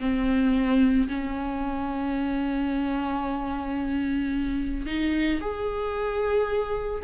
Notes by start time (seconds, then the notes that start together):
0.00 C4
1.08 C#4
4.86 D#4
5.41 G#4